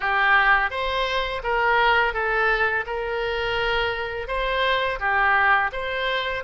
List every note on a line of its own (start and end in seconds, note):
0.00 0.70 G4
0.70 1.42 C5
1.43 2.13 A#4
2.13 2.84 A4
2.86 4.27 A#4
4.27 4.99 C5
4.99 5.70 G4
5.72 6.43 C5